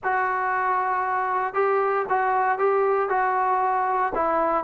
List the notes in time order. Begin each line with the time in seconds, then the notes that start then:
0.03 F#4
1.54 G4
2.09 F#4
2.58 G4
3.09 F#4
4.14 E4